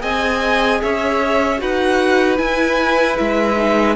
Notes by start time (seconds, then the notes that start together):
0.00 C4 G#4 D#5 G#5
0.81 C#4 C#5 E5
1.58 D#4 F#4 B4 F#5
2.37 E4 G#5
3.17 G#3 E5
3.56 D#4